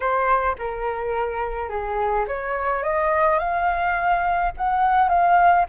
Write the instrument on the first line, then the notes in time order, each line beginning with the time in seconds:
flute
0.00 C5
0.58 A#4
1.69 G#4
2.27 C#5
2.83 D#5
3.38 F5
4.57 F#5
5.08 F5